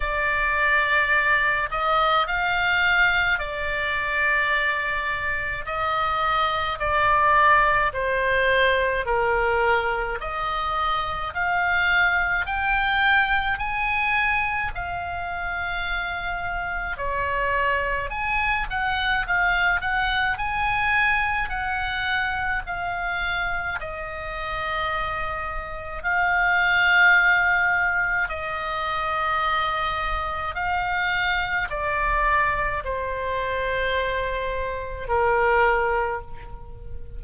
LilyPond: \new Staff \with { instrumentName = "oboe" } { \time 4/4 \tempo 4 = 53 d''4. dis''8 f''4 d''4~ | d''4 dis''4 d''4 c''4 | ais'4 dis''4 f''4 g''4 | gis''4 f''2 cis''4 |
gis''8 fis''8 f''8 fis''8 gis''4 fis''4 | f''4 dis''2 f''4~ | f''4 dis''2 f''4 | d''4 c''2 ais'4 | }